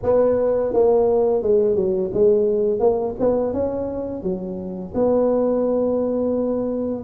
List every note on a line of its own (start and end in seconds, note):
0.02 0.73 B3
0.73 1.42 A#3
1.42 1.75 G#3
1.75 2.10 F#3
2.13 2.79 G#3
2.79 3.14 A#3
3.19 3.53 B3
3.53 4.22 C#4
4.22 4.93 F#3
4.94 7.04 B3